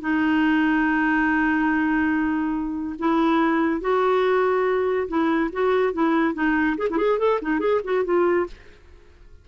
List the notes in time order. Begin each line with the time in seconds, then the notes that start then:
0.00 D#4
2.98 E4
3.80 F#4
5.08 E4
5.52 F#4
5.93 E4
6.34 D#4
6.77 G#4
6.90 E4
6.97 G#4
7.19 A4
7.41 D#4
7.59 G#4
7.84 F#4
8.04 F4